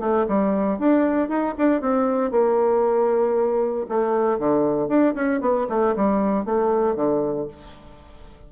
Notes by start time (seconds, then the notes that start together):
0.00 A3
0.28 G3
0.79 D4
1.29 D#4
1.58 D4
1.81 C4
2.31 A#3
3.89 A3
4.39 D3
4.89 D4
5.15 C#4
5.41 B3
5.69 A3
5.96 G3
6.45 A3
6.96 D3